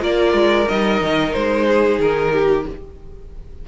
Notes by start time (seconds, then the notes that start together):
0.00 A#3 F4 A#4 D5
0.33 G#3
0.69 G3 D#4 D#5
1.02 D#3
1.33 G#3 C5
1.68 G#4
1.99 D#3 A#4
2.33 G4